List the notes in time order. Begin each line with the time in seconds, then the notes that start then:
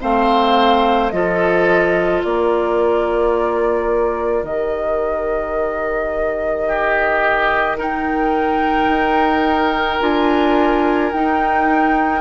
0.00 A3 C4 C5 F5
1.11 F3 F4 A4 D#5
2.24 A#3 A#4 D5
4.43 D#3 G4 D#5
6.68 G4
7.78 D#4 A#4 G5
8.89 D#4
10.00 D4 F4 G#5
11.12 D#4 G5